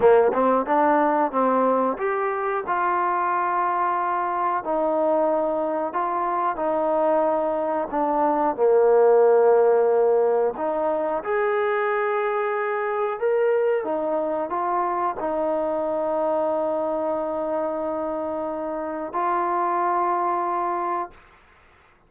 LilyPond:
\new Staff \with { instrumentName = "trombone" } { \time 4/4 \tempo 4 = 91 ais8 c'8 d'4 c'4 g'4 | f'2. dis'4~ | dis'4 f'4 dis'2 | d'4 ais2. |
dis'4 gis'2. | ais'4 dis'4 f'4 dis'4~ | dis'1~ | dis'4 f'2. | }